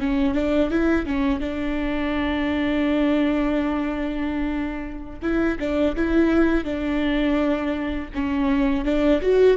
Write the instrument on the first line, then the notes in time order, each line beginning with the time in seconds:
viola
0.00 C#4
0.34 D4
0.70 E4
1.06 C#4
1.40 D4
5.22 E4
5.59 D4
5.96 E4
6.64 D4
8.15 C#4
8.85 D4
9.22 F#4